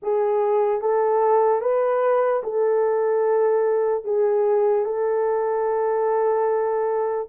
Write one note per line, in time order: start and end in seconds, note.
0.02 0.81 G#4
0.81 1.61 A4
1.61 2.42 B4
2.43 4.04 A4
4.04 4.85 G#4
4.85 7.28 A4